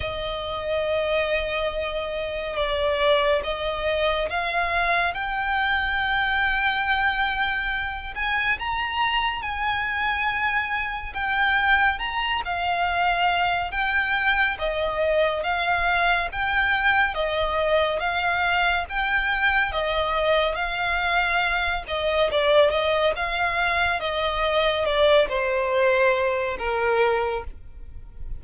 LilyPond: \new Staff \with { instrumentName = "violin" } { \time 4/4 \tempo 4 = 70 dis''2. d''4 | dis''4 f''4 g''2~ | g''4. gis''8 ais''4 gis''4~ | gis''4 g''4 ais''8 f''4. |
g''4 dis''4 f''4 g''4 | dis''4 f''4 g''4 dis''4 | f''4. dis''8 d''8 dis''8 f''4 | dis''4 d''8 c''4. ais'4 | }